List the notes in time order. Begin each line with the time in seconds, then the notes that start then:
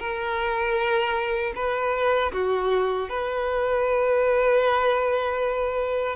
0.00 A#4
1.56 B4
2.33 F#4
3.10 B4